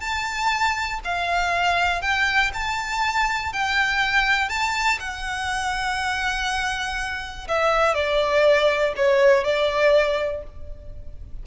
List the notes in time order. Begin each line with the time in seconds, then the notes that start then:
0.00 A5
1.04 F5
2.02 G5
2.53 A5
3.53 G5
4.49 A5
4.99 F#5
7.48 E5
7.94 D5
8.96 C#5
9.44 D5